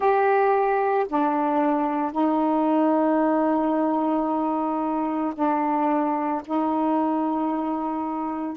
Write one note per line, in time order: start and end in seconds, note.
0.00 1.06 G4
1.08 2.12 D4
2.12 5.33 D#4
5.34 6.41 D4
6.45 8.57 D#4